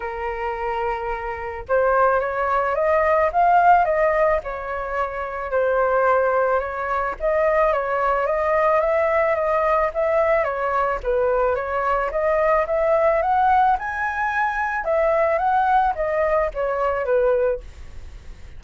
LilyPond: \new Staff \with { instrumentName = "flute" } { \time 4/4 \tempo 4 = 109 ais'2. c''4 | cis''4 dis''4 f''4 dis''4 | cis''2 c''2 | cis''4 dis''4 cis''4 dis''4 |
e''4 dis''4 e''4 cis''4 | b'4 cis''4 dis''4 e''4 | fis''4 gis''2 e''4 | fis''4 dis''4 cis''4 b'4 | }